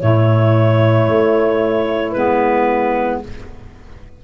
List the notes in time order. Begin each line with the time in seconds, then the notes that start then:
0.00 A2 A3 E4 C#5
1.08 A3
2.12 G#3 B3 B4